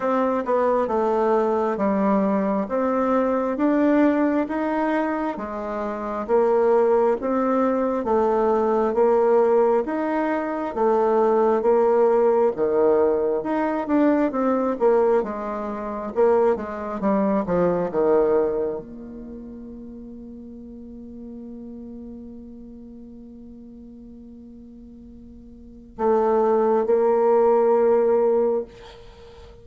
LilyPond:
\new Staff \with { instrumentName = "bassoon" } { \time 4/4 \tempo 4 = 67 c'8 b8 a4 g4 c'4 | d'4 dis'4 gis4 ais4 | c'4 a4 ais4 dis'4 | a4 ais4 dis4 dis'8 d'8 |
c'8 ais8 gis4 ais8 gis8 g8 f8 | dis4 ais2.~ | ais1~ | ais4 a4 ais2 | }